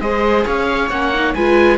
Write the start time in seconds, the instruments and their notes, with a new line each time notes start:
0.00 cello G#3, viola G#4 C5, oboe D#5
0.46 cello C#4, viola C#5, oboe F5
0.90 cello A#3, viola C#4, oboe F#5
1.14 viola D#4
1.34 cello G#3, viola F4 B4, oboe G#5